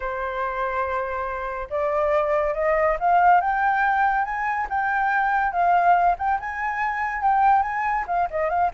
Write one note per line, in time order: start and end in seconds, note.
0.00 1.68 C5
1.69 2.54 D5
2.54 2.97 D#5
2.99 3.40 F5
3.40 4.24 G5
4.24 4.67 G#5
4.69 5.51 G5
5.51 6.15 F5
6.18 6.39 G5
6.40 7.21 G#5
7.21 7.62 G5
7.62 8.05 G#5
8.07 8.28 F5
8.30 8.49 D#5
8.49 8.70 F5